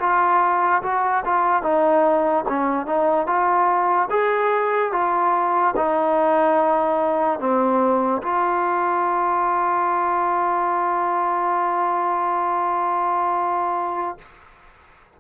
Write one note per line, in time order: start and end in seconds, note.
0.00 0.82 F4
0.83 1.24 F#4
1.25 1.63 F4
1.63 2.45 D#4
2.49 2.87 C#4
2.87 3.27 D#4
3.27 4.09 F4
4.10 4.92 G#4
4.93 5.75 F4
5.76 7.40 D#4
7.40 8.22 C4
8.23 14.19 F4